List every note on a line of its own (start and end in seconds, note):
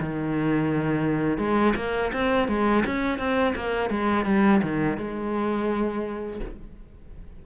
0.00 1.38 D#3
1.38 1.74 G#3
1.76 2.12 A#3
2.13 2.48 C4
2.48 2.84 G#3
2.86 3.19 C#4
3.19 3.54 C4
3.56 3.90 A#3
3.90 4.26 G#3
4.26 4.61 G3
4.63 4.97 D#3
4.97 6.40 G#3